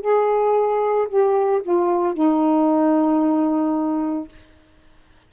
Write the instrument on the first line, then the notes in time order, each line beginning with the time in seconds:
saxophone
0.00 G#4
1.08 G4
1.62 F4
2.14 D#4